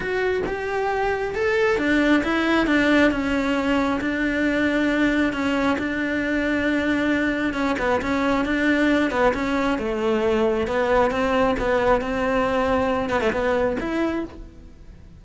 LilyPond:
\new Staff \with { instrumentName = "cello" } { \time 4/4 \tempo 4 = 135 fis'4 g'2 a'4 | d'4 e'4 d'4 cis'4~ | cis'4 d'2. | cis'4 d'2.~ |
d'4 cis'8 b8 cis'4 d'4~ | d'8 b8 cis'4 a2 | b4 c'4 b4 c'4~ | c'4. b16 a16 b4 e'4 | }